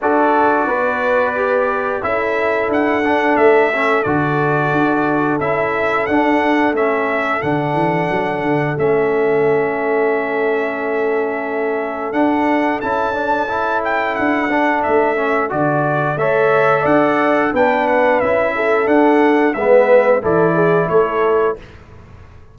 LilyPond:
<<
  \new Staff \with { instrumentName = "trumpet" } { \time 4/4 \tempo 4 = 89 d''2. e''4 | fis''4 e''4 d''2 | e''4 fis''4 e''4 fis''4~ | fis''4 e''2.~ |
e''2 fis''4 a''4~ | a''8 g''8 fis''4 e''4 d''4 | e''4 fis''4 g''8 fis''8 e''4 | fis''4 e''4 d''4 cis''4 | }
  \new Staff \with { instrumentName = "horn" } { \time 4/4 a'4 b'2 a'4~ | a'1~ | a'1~ | a'1~ |
a'1~ | a'1 | cis''4 d''4 b'4. a'8~ | a'4 b'4 a'8 gis'8 a'4 | }
  \new Staff \with { instrumentName = "trombone" } { \time 4/4 fis'2 g'4 e'4~ | e'8 d'4 cis'8 fis'2 | e'4 d'4 cis'4 d'4~ | d'4 cis'2.~ |
cis'2 d'4 e'8 d'8 | e'4. d'4 cis'8 fis'4 | a'2 d'4 e'4 | d'4 b4 e'2 | }
  \new Staff \with { instrumentName = "tuba" } { \time 4/4 d'4 b2 cis'4 | d'4 a4 d4 d'4 | cis'4 d'4 a4 d8 e8 | fis8 d8 a2.~ |
a2 d'4 cis'4~ | cis'4 d'4 a4 d4 | a4 d'4 b4 cis'4 | d'4 gis4 e4 a4 | }
>>